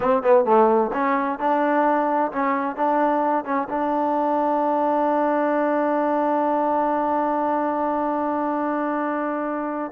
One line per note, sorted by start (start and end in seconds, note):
0.00 0.23 C4
0.23 0.44 B3
0.44 0.91 A3
0.93 1.39 C#4
1.39 2.31 D4
2.32 2.75 C#4
2.75 3.44 D4
3.44 3.67 C#4
3.69 9.92 D4